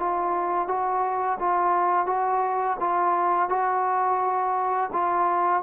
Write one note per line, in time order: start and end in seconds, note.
0.00 0.68 F4
0.68 1.39 F#4
1.40 2.07 F4
2.07 2.77 F#4
2.80 3.49 F4
3.49 4.91 F#4
4.93 5.63 F4